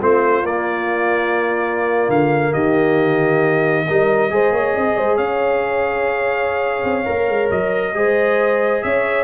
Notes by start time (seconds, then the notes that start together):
0.00 A3 C4 F4 C5
0.44 A#3 D5
2.09 D3 F5
2.53 D#3 G4 D#5
3.88 G3 D#4 A#4
4.31 G#3 G#4 C5
4.52 A#3 C#5
4.76 C4 D#5
4.98 G#3 C5
5.17 C#4 C#5 F5
6.84 C4
7.05 A#3 A#4
7.29 G#3
7.51 F#3 D#5
7.94 G#3 G#4 C5
8.83 C#4 C#5 E5